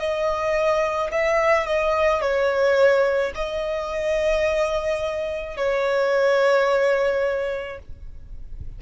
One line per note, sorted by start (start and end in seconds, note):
0.00 1.11 D#5
1.12 1.67 E5
1.67 2.22 D#5
2.22 3.33 C#5
3.35 5.57 D#5
5.57 7.79 C#5